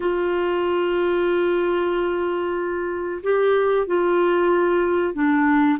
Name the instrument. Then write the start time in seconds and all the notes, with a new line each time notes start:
clarinet
0.00 F4
3.23 G4
3.87 F4
5.13 D4